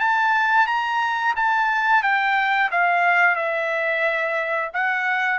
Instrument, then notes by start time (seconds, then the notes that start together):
trumpet
0.00 A5
0.67 A#5
1.36 A5
2.03 G5
2.71 F5
3.36 E5
4.74 F#5